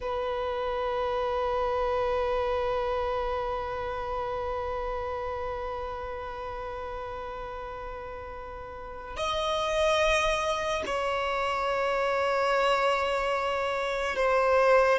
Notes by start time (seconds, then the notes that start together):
0.00 B4
9.16 D#5
10.85 C#5
14.16 C5